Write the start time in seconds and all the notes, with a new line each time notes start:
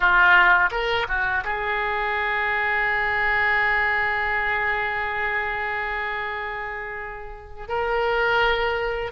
0.00 F4
0.71 A#4
1.08 F#4
1.44 G#4
7.68 A#4